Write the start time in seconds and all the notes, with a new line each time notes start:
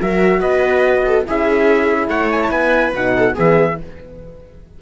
0.00 F#3 F#4 A#4 E5
0.40 B3 B4 D#5
1.05 A4
1.26 C#4 E4 G#4 E5
2.08 A3 C#5 F#5
2.31 G#5
2.42 A5
2.50 B3 B4 G#5
2.94 B2 D#4 F#5
3.16 A4
3.34 E3 B3 G#4 E5